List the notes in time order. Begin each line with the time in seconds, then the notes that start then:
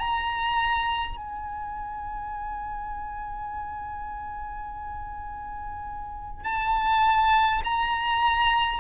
0.00 A#5
1.17 G#5
6.44 A5
7.65 A#5